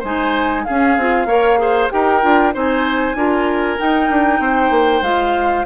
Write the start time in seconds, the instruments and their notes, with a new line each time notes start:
0.00 bassoon G#3, clarinet D#4, oboe C5, flute G#5
0.65 clarinet C#4, bassoon C#4, oboe G#4, flute F5
0.98 bassoon C4, clarinet F4
1.26 bassoon A#3, clarinet A#4, oboe C#5
1.58 clarinet G#4, oboe C5
1.91 bassoon D#4, clarinet G4, oboe A#4, flute G5
2.22 bassoon D4, clarinet F4
2.53 bassoon C4, clarinet D#4, oboe C5, flute G#5
3.15 bassoon D4, clarinet F4, oboe A#4
3.78 clarinet D#4, bassoon D#4, flute G5
4.10 bassoon D4
4.40 bassoon C4, oboe C5
4.71 bassoon A#3
5.02 bassoon G#3, clarinet F4, flute F5